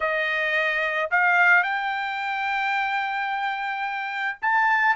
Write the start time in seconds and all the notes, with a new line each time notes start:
0.00 D#5
1.10 F5
1.63 G5
4.41 A5